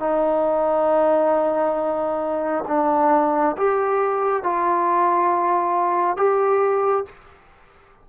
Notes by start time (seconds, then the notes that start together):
0.00 D#4
2.68 D4
3.58 G4
4.44 F4
6.17 G4